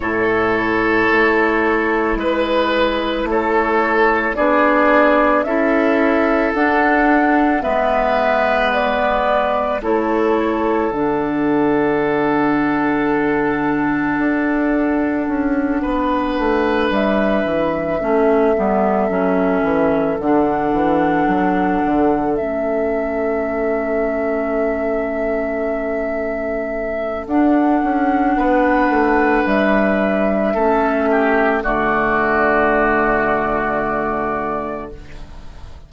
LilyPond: <<
  \new Staff \with { instrumentName = "flute" } { \time 4/4 \tempo 4 = 55 cis''2 b'4 cis''4 | d''4 e''4 fis''4 e''4 | d''4 cis''4 fis''2~ | fis''2.~ fis''8 e''8~ |
e''2~ e''8 fis''4.~ | fis''8 e''2.~ e''8~ | e''4 fis''2 e''4~ | e''4 d''2. | }
  \new Staff \with { instrumentName = "oboe" } { \time 4/4 a'2 b'4 a'4 | gis'4 a'2 b'4~ | b'4 a'2.~ | a'2~ a'8 b'4.~ |
b'8 a'2.~ a'8~ | a'1~ | a'2 b'2 | a'8 g'8 fis'2. | }
  \new Staff \with { instrumentName = "clarinet" } { \time 4/4 e'1 | d'4 e'4 d'4 b4~ | b4 e'4 d'2~ | d'1~ |
d'8 cis'8 b8 cis'4 d'4.~ | d'8 cis'2.~ cis'8~ | cis'4 d'2. | cis'4 a2. | }
  \new Staff \with { instrumentName = "bassoon" } { \time 4/4 a,4 a4 gis4 a4 | b4 cis'4 d'4 gis4~ | gis4 a4 d2~ | d4 d'4 cis'8 b8 a8 g8 |
e8 a8 g8 fis8 e8 d8 e8 fis8 | d8 a2.~ a8~ | a4 d'8 cis'8 b8 a8 g4 | a4 d2. | }
>>